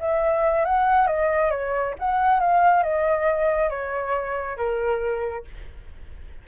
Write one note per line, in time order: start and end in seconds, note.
0.00 0.65 E5
0.65 1.07 F#5
1.07 1.51 D#5
1.51 1.95 C#5
1.99 2.40 F#5
2.40 2.83 F5
2.83 3.70 D#5
3.70 4.57 C#5
4.57 5.45 A#4